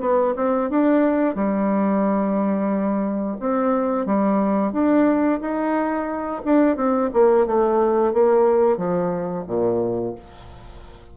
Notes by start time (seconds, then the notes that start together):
0.00 B3
0.36 C4
0.70 D4
1.35 G3
3.40 C4
4.06 G3
4.72 D4
5.41 D#4
6.44 D4
6.76 C4
7.13 A#3
7.46 A3
8.13 A#3
8.77 F3
9.47 A#2